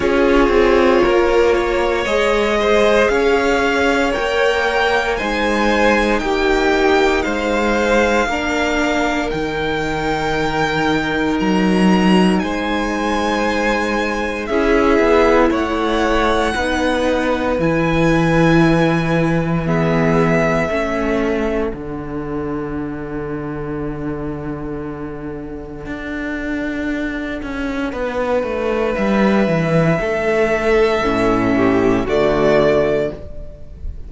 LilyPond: <<
  \new Staff \with { instrumentName = "violin" } { \time 4/4 \tempo 4 = 58 cis''2 dis''4 f''4 | g''4 gis''4 g''4 f''4~ | f''4 g''2 ais''4 | gis''2 e''4 fis''4~ |
fis''4 gis''2 e''4~ | e''4 fis''2.~ | fis''1 | e''2. d''4 | }
  \new Staff \with { instrumentName = "violin" } { \time 4/4 gis'4 ais'8 cis''4 c''8 cis''4~ | cis''4 c''4 g'4 c''4 | ais'1 | c''2 gis'4 cis''4 |
b'2. gis'4 | a'1~ | a'2. b'4~ | b'4 a'4. g'8 fis'4 | }
  \new Staff \with { instrumentName = "viola" } { \time 4/4 f'2 gis'2 | ais'4 dis'2. | d'4 dis'2.~ | dis'2 e'2 |
dis'4 e'2 b4 | cis'4 d'2.~ | d'1~ | d'2 cis'4 a4 | }
  \new Staff \with { instrumentName = "cello" } { \time 4/4 cis'8 c'8 ais4 gis4 cis'4 | ais4 gis4 ais4 gis4 | ais4 dis2 fis4 | gis2 cis'8 b8 a4 |
b4 e2. | a4 d2.~ | d4 d'4. cis'8 b8 a8 | g8 e8 a4 a,4 d4 | }
>>